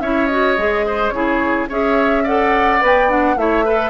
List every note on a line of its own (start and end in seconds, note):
0.00 0.57 C#4
0.00 0.30 E4
0.00 0.86 C#5
0.00 0.27 E5
0.27 0.57 F#4
0.27 1.09 D#5
0.57 1.11 G#3
0.57 1.13 G#4
0.86 1.14 C5
1.09 1.67 C#3
1.09 1.69 E4
1.09 1.69 G#4
1.09 1.65 C#5
1.69 2.81 C#4
1.69 2.26 G#4
1.69 2.23 C#5
1.69 2.27 E5
2.23 2.81 A4
2.23 3.35 D5
2.23 2.83 F#5
2.81 3.36 B3
2.81 3.08 B4
2.81 3.10 G5
3.08 3.36 D4
3.08 3.37 F#5
3.36 3.90 A3
3.36 3.65 E4
3.36 3.65 C#5
3.36 3.90 E5
3.65 3.90 A4
3.65 3.90 B4